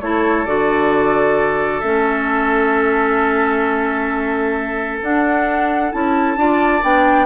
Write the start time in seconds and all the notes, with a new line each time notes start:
0.00 A3 E4 A4 C#5
0.45 D3 F#4 D5
1.80 A3 C#4 E5
5.01 D4 F#5
5.91 C#4 E4 A5
6.36 D4 F4 D5
6.81 B3 D4 G5